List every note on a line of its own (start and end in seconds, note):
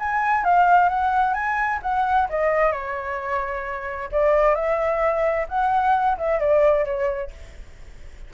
0.00 0.45 G#5
0.45 0.90 F5
0.90 1.34 F#5
1.34 1.80 G#5
1.83 2.29 F#5
2.30 2.73 D#5
2.73 4.10 C#5
4.12 4.56 D5
4.56 5.47 E5
5.49 6.18 F#5
6.19 6.40 E5
6.40 6.86 D5
6.86 7.31 C#5